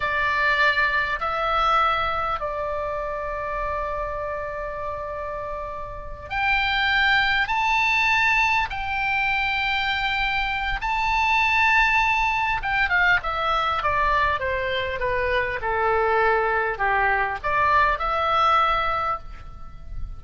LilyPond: \new Staff \with { instrumentName = "oboe" } { \time 4/4 \tempo 4 = 100 d''2 e''2 | d''1~ | d''2~ d''8 g''4.~ | g''8 a''2 g''4.~ |
g''2 a''2~ | a''4 g''8 f''8 e''4 d''4 | c''4 b'4 a'2 | g'4 d''4 e''2 | }